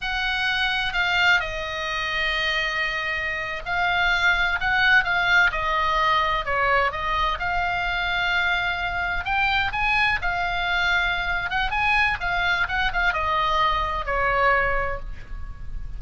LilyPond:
\new Staff \with { instrumentName = "oboe" } { \time 4/4 \tempo 4 = 128 fis''2 f''4 dis''4~ | dis''2.~ dis''8. f''16~ | f''4.~ f''16 fis''4 f''4 dis''16~ | dis''4.~ dis''16 cis''4 dis''4 f''16~ |
f''2.~ f''8. g''16~ | g''8. gis''4 f''2~ f''16~ | f''8 fis''8 gis''4 f''4 fis''8 f''8 | dis''2 cis''2 | }